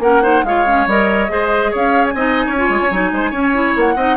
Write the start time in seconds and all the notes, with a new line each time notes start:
0.00 A#3 C#4 A#4 F#5
0.23 D#4 C5
0.44 G#3 F4 C#5 F5
0.67 C#4
0.87 G3 A#4 D#5
1.29 G#3 G#4 C5
1.72 C#4 C#5 F5
2.06 G#5
2.14 C4 D#4 D#5
2.46 C#4 C#5
2.57 F4
2.70 G#3
2.82 C#4
2.91 F#3 D#4
3.12 G#3 C5
3.31 C#4 C#5
3.54 E4
3.77 A#3 F#5
3.96 C4 D#4 D#5